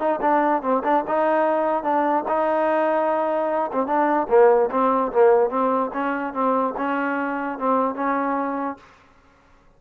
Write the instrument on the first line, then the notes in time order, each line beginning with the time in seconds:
trombone
0.00 D#4
0.22 D4
0.63 C4
0.84 D4
1.08 D#4
1.84 D4
2.29 D#4
3.73 C4
3.87 D4
4.30 A#3
4.72 C4
5.13 A#3
5.50 C4
5.94 C#4
6.34 C4
6.78 C#4
7.59 C4
7.96 C#4